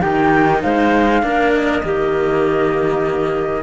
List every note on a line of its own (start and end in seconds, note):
0.00 0.64 D#3
0.00 1.22 D#4
0.00 0.60 G4
0.00 0.60 G5
0.61 1.22 G#3
0.61 1.22 C5
0.61 1.51 F5
1.22 1.82 A#3
1.22 1.82 D4
1.22 1.84 A#4
1.54 3.62 D#5
1.83 3.62 D#3
1.83 3.62 A#3
1.83 3.62 G4